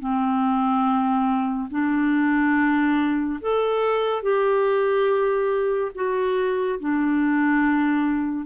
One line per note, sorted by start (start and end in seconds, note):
0.00 1.69 C4
1.71 3.40 D4
3.41 4.23 A4
4.23 5.92 G4
5.95 6.80 F#4
6.80 8.46 D4